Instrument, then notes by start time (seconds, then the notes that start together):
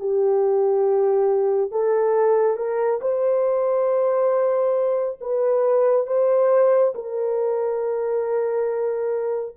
horn
0.00 G4
1.72 A4
2.57 A#4
3.02 C5
5.21 B4
6.07 C5
6.95 A#4